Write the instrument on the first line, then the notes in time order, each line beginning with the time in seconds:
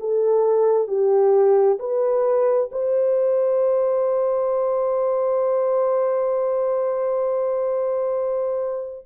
horn
0.00 A4
0.88 G4
1.79 B4
2.72 C5